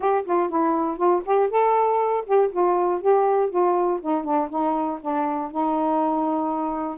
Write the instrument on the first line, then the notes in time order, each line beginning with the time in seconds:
saxophone
0.00 G4
0.25 F4
0.49 E4
0.97 F4
1.25 G4
1.50 A4
2.26 G4
2.51 F4
3.01 G4
3.50 F4
4.01 D#4
4.23 D4
4.49 D#4
5.01 D4
5.51 D#4